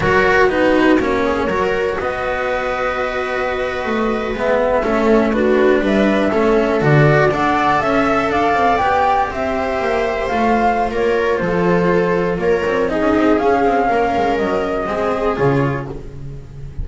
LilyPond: <<
  \new Staff \with { instrumentName = "flute" } { \time 4/4 \tempo 4 = 121 cis''4 b'4 cis''2 | dis''1~ | dis''8. e''2 b'4 e''16~ | e''4.~ e''16 d''4 fis''4 e''16~ |
e''8. f''4 g''4 e''4~ e''16~ | e''8. f''4~ f''16 cis''4 c''4~ | c''4 cis''4 dis''4 f''4~ | f''4 dis''2 cis''4 | }
  \new Staff \with { instrumentName = "viola" } { \time 4/4 ais'4 fis'4. gis'8 ais'4 | b'1~ | b'4.~ b'16 a'4 fis'4 b'16~ | b'8. a'2 d''4 e''16~ |
e''8. d''2 c''4~ c''16~ | c''2 ais'4 a'4~ | a'4 ais'4 gis'2 | ais'2 gis'2 | }
  \new Staff \with { instrumentName = "cello" } { \time 4/4 fis'4 dis'4 cis'4 fis'4~ | fis'1~ | fis'8. b4 cis'4 d'4~ d'16~ | d'8. cis'4 fis'4 a'4~ a'16~ |
a'4.~ a'16 g'2~ g'16~ | g'8. f'2.~ f'16~ | f'2 dis'4 cis'4~ | cis'2 c'4 f'4 | }
  \new Staff \with { instrumentName = "double bass" } { \time 4/4 fis4 b4 ais4 fis4 | b2.~ b8. a16~ | a8. gis4 a2 g16~ | g8. a4 d4 d'4 cis'16~ |
cis'8. d'8 c'8 b4 c'4 ais16~ | ais8. a4~ a16 ais4 f4~ | f4 ais8 c'8. cis'16 c'8 cis'8 c'8 | ais8 gis8 fis4 gis4 cis4 | }
>>